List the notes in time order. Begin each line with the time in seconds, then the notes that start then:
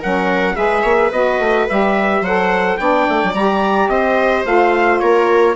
0.00 F#3 C#4 A#4 F#5
0.55 G#3 G#4 B4 E5
0.82 A#3 C#5
0.96 B4
1.11 B3 F#4 D#5
1.39 A3
1.69 G3 G4 E5
2.21 F#3 A4 C5 F#5
2.77 B3 D4 D5 G5
3.08 A3
3.24 F#3
3.34 G3 G4 A#5
3.88 C4 C5 D#5
4.44 A3 F4 F5
4.99 A#3 A#4 C#5